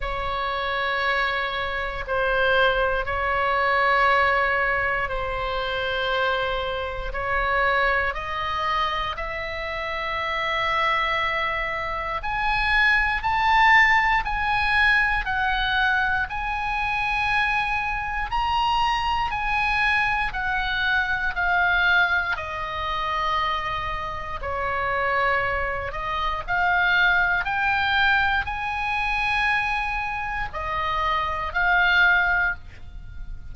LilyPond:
\new Staff \with { instrumentName = "oboe" } { \time 4/4 \tempo 4 = 59 cis''2 c''4 cis''4~ | cis''4 c''2 cis''4 | dis''4 e''2. | gis''4 a''4 gis''4 fis''4 |
gis''2 ais''4 gis''4 | fis''4 f''4 dis''2 | cis''4. dis''8 f''4 g''4 | gis''2 dis''4 f''4 | }